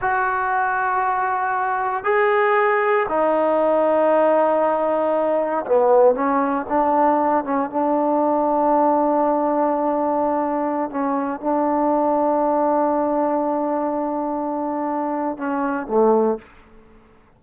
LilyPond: \new Staff \with { instrumentName = "trombone" } { \time 4/4 \tempo 4 = 117 fis'1 | gis'2 dis'2~ | dis'2. b4 | cis'4 d'4. cis'8 d'4~ |
d'1~ | d'4~ d'16 cis'4 d'4.~ d'16~ | d'1~ | d'2 cis'4 a4 | }